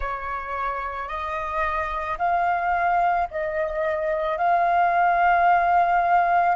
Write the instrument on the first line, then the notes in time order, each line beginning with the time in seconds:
flute
0.00 C#5
1.08 D#5
2.18 F5
3.30 D#5
4.37 F5